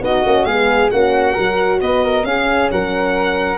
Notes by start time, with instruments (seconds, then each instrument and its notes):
0.00 tuba B3, horn D#4, flute F#4, violin D#5
0.24 tuba A#3, horn C#4
0.45 tuba G#3, horn B3, flute G#4, violin F5
0.90 tuba A#3, horn C#4, flute F#4, violin F#5
1.33 tuba F#3, horn F#4, flute A#4
1.81 tuba B3, flute B4, violin D#5
2.03 flute A#4
2.24 tuba C#4, horn C#4, flute G#4, violin F5
2.71 tuba F#3, flute A#4, violin F#5